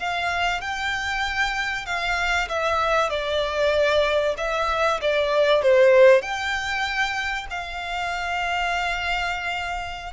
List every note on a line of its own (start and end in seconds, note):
0.00 0.61 F5
0.61 1.86 G5
1.86 2.49 F5
2.49 3.10 E5
3.10 4.35 D5
4.38 5.00 E5
5.02 5.62 D5
5.62 6.22 C5
6.22 7.47 G5
7.51 10.14 F5